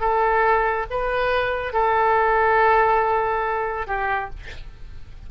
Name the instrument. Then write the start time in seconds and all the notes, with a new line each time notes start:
oboe
0.00 A4
0.90 B4
1.73 A4
3.87 G4